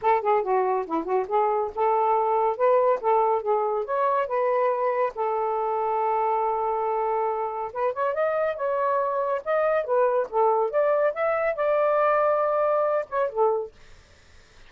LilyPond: \new Staff \with { instrumentName = "saxophone" } { \time 4/4 \tempo 4 = 140 a'8 gis'8 fis'4 e'8 fis'8 gis'4 | a'2 b'4 a'4 | gis'4 cis''4 b'2 | a'1~ |
a'2 b'8 cis''8 dis''4 | cis''2 dis''4 b'4 | a'4 d''4 e''4 d''4~ | d''2~ d''8 cis''8 a'4 | }